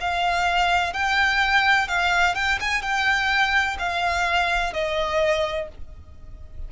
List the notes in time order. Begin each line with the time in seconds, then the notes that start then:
0.00 F5
0.93 G5
1.88 F5
2.35 G5
2.60 G#5
2.82 G5
3.78 F5
4.73 D#5